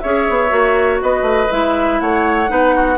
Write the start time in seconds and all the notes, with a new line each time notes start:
0.00 C#4 G#4 C#5 E5
0.29 B3
0.49 A#3 F#4
1.02 B3 B4 D#5
1.22 A3
1.51 G#3 E4 E5
2.01 A3 C#5 F#5
2.48 B3 D#4 B4
2.76 F#4